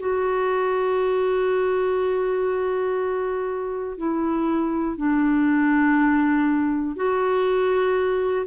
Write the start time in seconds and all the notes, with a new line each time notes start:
0.00 F#4
3.98 E4
4.97 D4
6.96 F#4